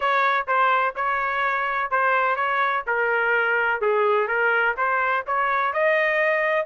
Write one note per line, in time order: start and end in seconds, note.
0.00 0.46 C#5
0.47 0.94 C5
0.95 1.90 C#5
1.90 2.35 C5
2.35 2.83 C#5
2.86 3.81 A#4
3.81 4.27 G#4
4.27 4.75 A#4
4.77 5.24 C5
5.26 5.73 C#5
5.73 6.66 D#5